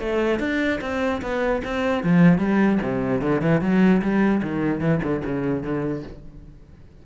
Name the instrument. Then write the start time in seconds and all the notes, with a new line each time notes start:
cello
0.00 A3
0.40 D4
0.81 C4
1.22 B3
1.65 C4
2.04 F3
2.39 G3
2.83 C3
3.22 D3
3.42 E3
3.61 F#3
4.02 G3
4.43 D#3
4.81 E3
5.03 D3
5.25 C#3
5.64 D3